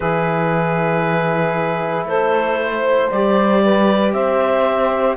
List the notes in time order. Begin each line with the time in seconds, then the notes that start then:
0.00 E3 E4 G#4 B4
2.04 A3 A4 C5
2.59 C5
3.10 G3 G4 D5
3.62 B4
4.12 C4 C5 E5